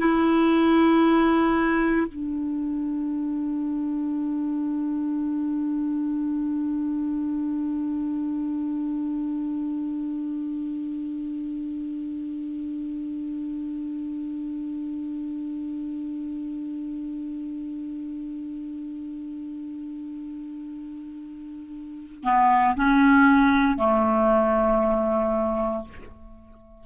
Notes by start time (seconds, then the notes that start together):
0.00 E4
2.08 D4
22.24 B3
22.77 C#4
23.78 A3